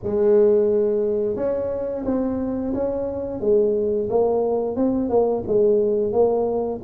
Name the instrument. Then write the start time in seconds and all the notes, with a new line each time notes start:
tuba
0.03 G#3
1.36 C#4
2.05 C4
2.74 C#4
3.40 G#3
4.09 A#3
4.75 C4
5.09 A#3
5.47 G#3
6.12 A#3